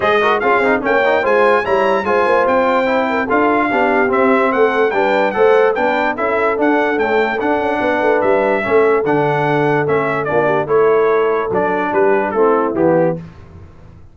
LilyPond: <<
  \new Staff \with { instrumentName = "trumpet" } { \time 4/4 \tempo 4 = 146 dis''4 f''4 g''4 gis''4 | ais''4 gis''4 g''2 | f''2 e''4 fis''4 | g''4 fis''4 g''4 e''4 |
fis''4 g''4 fis''2 | e''2 fis''2 | e''4 d''4 cis''2 | d''4 b'4 a'4 g'4 | }
  \new Staff \with { instrumentName = "horn" } { \time 4/4 c''8 ais'8 gis'4 cis''4 c''4 | cis''4 c''2~ c''8 ais'8 | a'4 g'2 a'4 | b'4 c''4 b'4 a'4~ |
a'2. b'4~ | b'4 a'2.~ | a'4 f'8 g'8 a'2~ | a'4 g'4 e'2 | }
  \new Staff \with { instrumentName = "trombone" } { \time 4/4 gis'8 fis'8 f'8 dis'8 cis'8 dis'8 f'4 | e'4 f'2 e'4 | f'4 d'4 c'2 | d'4 a'4 d'4 e'4 |
d'4 a4 d'2~ | d'4 cis'4 d'2 | cis'4 d'4 e'2 | d'2 c'4 b4 | }
  \new Staff \with { instrumentName = "tuba" } { \time 4/4 gis4 cis'8 c'8 ais4 gis4 | g4 gis8 ais8 c'2 | d'4 b4 c'4 a4 | g4 a4 b4 cis'4 |
d'4 cis'4 d'8 cis'8 b8 a8 | g4 a4 d2 | a4 ais4 a2 | fis4 g4 a4 e4 | }
>>